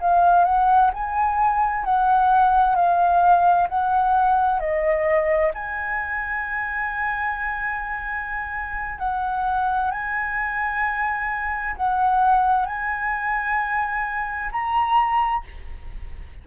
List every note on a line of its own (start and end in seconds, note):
0.00 0.44 F5
0.44 0.90 F#5
0.93 1.84 G#5
1.84 2.75 F#5
2.75 3.68 F5
3.68 4.59 F#5
4.59 5.52 D#5
5.54 8.98 G#5
8.98 9.91 F#5
9.91 11.75 G#5
11.76 12.65 F#5
12.65 14.50 G#5
14.51 15.44 A#5